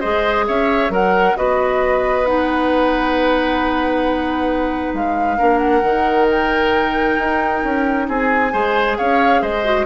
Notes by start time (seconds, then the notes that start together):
0.00 G#3 G#4 C5 D#5
0.48 C#4 C#5 E5
0.90 F#3 A#4 F#5
1.36 B3 F#4 B4 D#5
2.25 D#4 F#5
4.94 G#3 F5
5.38 A#3 D4 A#4
5.58 F#5
5.82 D#3 D#4
6.30 G5
7.18 D#4
7.64 C#4
8.08 C4 G#4 G#5
8.52 G#3 G#4 C5
8.98 C#4 C#5 F5
9.42 G#3 C5 D#5
9.64 F#4